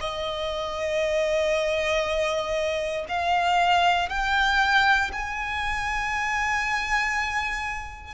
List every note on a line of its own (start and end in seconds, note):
0.00 3.05 D#5
3.08 4.09 F5
4.09 5.11 G5
5.12 8.14 G#5